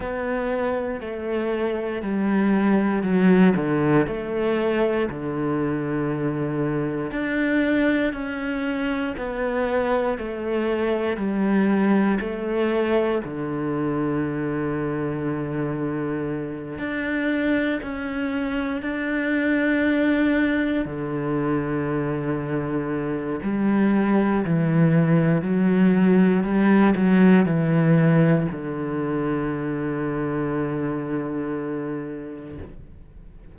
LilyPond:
\new Staff \with { instrumentName = "cello" } { \time 4/4 \tempo 4 = 59 b4 a4 g4 fis8 d8 | a4 d2 d'4 | cis'4 b4 a4 g4 | a4 d2.~ |
d8 d'4 cis'4 d'4.~ | d'8 d2~ d8 g4 | e4 fis4 g8 fis8 e4 | d1 | }